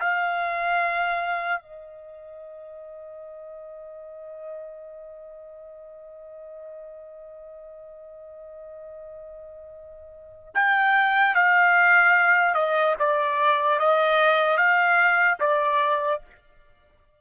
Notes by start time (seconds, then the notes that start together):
0.00 F5
1.62 D#5
10.55 G5
11.36 F5
12.55 D#5
13.00 D5
13.80 D#5
14.58 F5
15.40 D5